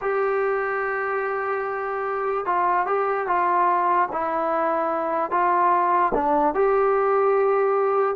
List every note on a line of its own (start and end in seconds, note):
0.01 2.45 G4
2.45 2.86 F4
2.86 3.27 G4
3.27 4.08 F4
4.12 5.30 E4
5.30 6.12 F4
6.14 6.54 D4
6.54 8.15 G4